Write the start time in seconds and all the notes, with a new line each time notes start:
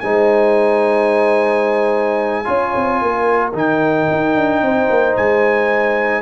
0.00 G#3 D#4 C5 G#5
2.44 C#4 F4 C#5
2.75 C4
3.02 A#3 A#4
3.53 D#3 D#4 G5
4.10 D#4
4.35 D4
4.61 C4 C5
4.90 A#3
5.16 G#3 G#5